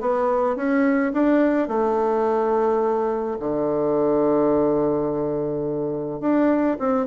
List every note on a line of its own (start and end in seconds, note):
0.00 0.56 B3
0.56 1.12 C#4
1.13 1.68 D4
1.68 3.38 A3
3.40 6.20 D3
6.20 6.77 D4
6.79 7.06 C4